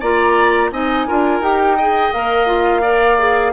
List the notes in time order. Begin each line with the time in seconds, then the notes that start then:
0.00 A#3 F4 D5 A#5
0.71 C4 D#4 D#5 G#5
1.07 D4 F4 A#4
1.40 D#4 G4 G5
1.77 G#4 D#5
2.13 A#3 A#4 F5
2.47 F4
2.82 A#4 D5
3.19 G#4